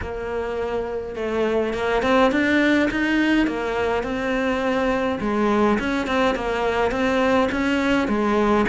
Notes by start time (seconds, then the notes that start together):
0.01 A#3
1.15 A3
1.73 A#3
2.02 C4
2.31 D4
2.91 D#4
3.46 A#3
4.03 C4
5.20 G#3
5.79 C#4
6.06 C4
6.35 A#3
6.91 C4
7.51 C#4
8.08 G#3